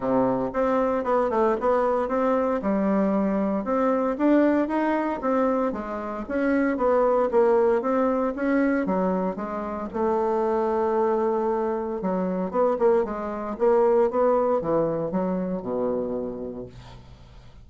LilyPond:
\new Staff \with { instrumentName = "bassoon" } { \time 4/4 \tempo 4 = 115 c4 c'4 b8 a8 b4 | c'4 g2 c'4 | d'4 dis'4 c'4 gis4 | cis'4 b4 ais4 c'4 |
cis'4 fis4 gis4 a4~ | a2. fis4 | b8 ais8 gis4 ais4 b4 | e4 fis4 b,2 | }